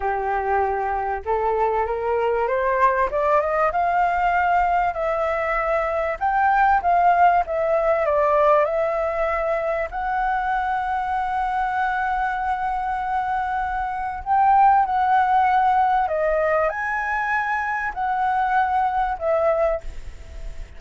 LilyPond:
\new Staff \with { instrumentName = "flute" } { \time 4/4 \tempo 4 = 97 g'2 a'4 ais'4 | c''4 d''8 dis''8 f''2 | e''2 g''4 f''4 | e''4 d''4 e''2 |
fis''1~ | fis''2. g''4 | fis''2 dis''4 gis''4~ | gis''4 fis''2 e''4 | }